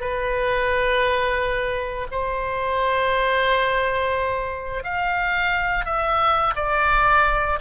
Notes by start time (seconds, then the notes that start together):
0.00 B4
2.11 C5
4.83 F5
5.85 E5
6.55 D5